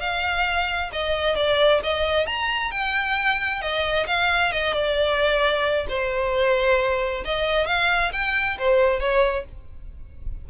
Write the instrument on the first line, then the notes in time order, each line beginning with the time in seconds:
violin
0.00 F5
0.92 D#5
1.36 D5
1.83 D#5
2.27 A#5
2.71 G5
3.62 D#5
4.07 F5
4.52 D#5
4.73 D5
5.89 C5
7.25 D#5
7.66 F5
8.12 G5
8.58 C5
9.00 C#5